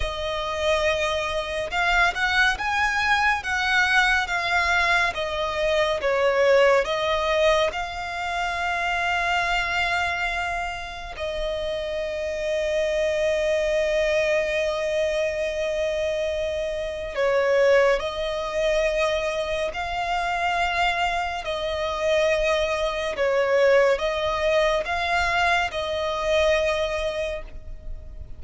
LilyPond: \new Staff \with { instrumentName = "violin" } { \time 4/4 \tempo 4 = 70 dis''2 f''8 fis''8 gis''4 | fis''4 f''4 dis''4 cis''4 | dis''4 f''2.~ | f''4 dis''2.~ |
dis''1 | cis''4 dis''2 f''4~ | f''4 dis''2 cis''4 | dis''4 f''4 dis''2 | }